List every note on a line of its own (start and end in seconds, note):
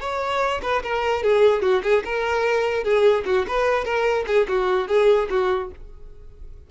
0.00 0.61 C#5
0.62 0.82 B4
0.83 1.23 A#4
1.23 1.62 G#4
1.62 1.82 F#4
1.83 2.03 G#4
2.05 2.83 A#4
2.83 3.24 G#4
3.25 3.46 F#4
3.48 3.84 B4
3.84 4.25 A#4
4.27 4.47 G#4
4.48 4.88 F#4
4.88 5.28 G#4
5.30 5.70 F#4